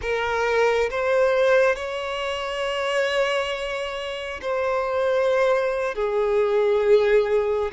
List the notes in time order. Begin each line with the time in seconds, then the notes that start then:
0.01 A#4
0.90 C5
1.75 C#5
4.41 C5
5.94 G#4